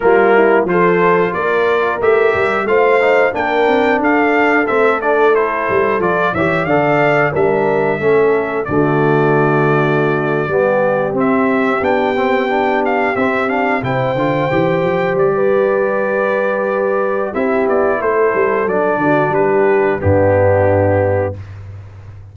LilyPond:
<<
  \new Staff \with { instrumentName = "trumpet" } { \time 4/4 \tempo 4 = 90 ais'4 c''4 d''4 e''4 | f''4 g''4 f''4 e''8 d''8 | c''4 d''8 e''8 f''4 e''4~ | e''4 d''2.~ |
d''8. e''4 g''4. f''8 e''16~ | e''16 f''8 g''2 d''4~ d''16~ | d''2 e''8 d''8 c''4 | d''4 b'4 g'2 | }
  \new Staff \with { instrumentName = "horn" } { \time 4/4 f'8 e'8 a'4 ais'2 | c''4 ais'4 a'2~ | a'4. cis''8 d''4 ais'4 | a'4 fis'2~ fis'8. g'16~ |
g'1~ | g'8. c''2~ c''16 b'4~ | b'2 g'4 a'4~ | a'8 fis'8 g'4 d'2 | }
  \new Staff \with { instrumentName = "trombone" } { \time 4/4 ais4 f'2 g'4 | f'8 dis'8 d'2 c'8 d'8 | e'4 f'8 g'8 a'4 d'4 | cis'4 a2~ a8. b16~ |
b8. c'4 d'8 c'8 d'4 c'16~ | c'16 d'8 e'8 f'8 g'2~ g'16~ | g'2 e'2 | d'2 b2 | }
  \new Staff \with { instrumentName = "tuba" } { \time 4/4 g4 f4 ais4 a8 g8 | a4 ais8 c'8 d'4 a4~ | a8 g8 f8 e8 d4 g4 | a4 d2~ d8. g16~ |
g8. c'4 b2 c'16~ | c'8. c8 d8 e8 f8 g4~ g16~ | g2 c'8 b8 a8 g8 | fis8 d8 g4 g,2 | }
>>